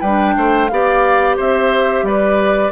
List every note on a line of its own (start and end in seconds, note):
0.00 0.35 G3
0.00 0.70 D4
0.00 0.34 B4
0.00 0.67 G5
0.36 0.70 A3
0.36 0.70 C5
0.68 1.38 B3
0.68 2.72 G4
0.68 1.36 D5
0.68 1.35 F5
1.36 2.02 C4
1.36 2.04 C5
1.36 2.05 E5
2.02 2.70 G3
2.02 2.72 B4
2.02 2.72 D5